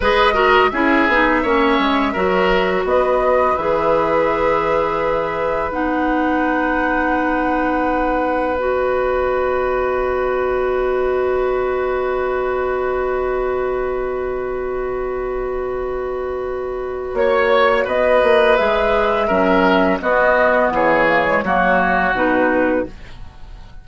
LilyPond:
<<
  \new Staff \with { instrumentName = "flute" } { \time 4/4 \tempo 4 = 84 dis''4 e''2. | dis''4 e''2. | fis''1 | dis''1~ |
dis''1~ | dis''1 | cis''4 dis''4 e''2 | dis''4 cis''2 b'4 | }
  \new Staff \with { instrumentName = "oboe" } { \time 4/4 b'8 ais'8 gis'4 cis''4 ais'4 | b'1~ | b'1~ | b'1~ |
b'1~ | b'1 | cis''4 b'2 ais'4 | fis'4 gis'4 fis'2 | }
  \new Staff \with { instrumentName = "clarinet" } { \time 4/4 gis'8 fis'8 e'8 dis'8 cis'4 fis'4~ | fis'4 gis'2. | dis'1 | fis'1~ |
fis'1~ | fis'1~ | fis'2 gis'4 cis'4 | b4. ais16 gis16 ais4 dis'4 | }
  \new Staff \with { instrumentName = "bassoon" } { \time 4/4 gis4 cis'8 b8 ais8 gis8 fis4 | b4 e2. | b1~ | b1~ |
b1~ | b1 | ais4 b8 ais8 gis4 fis4 | b4 e4 fis4 b,4 | }
>>